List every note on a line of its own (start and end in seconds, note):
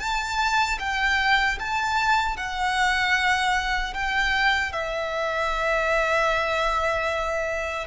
0.00 0.79 A5
0.80 1.59 G5
1.59 2.37 A5
2.37 3.94 F#5
3.94 4.73 G5
4.73 7.88 E5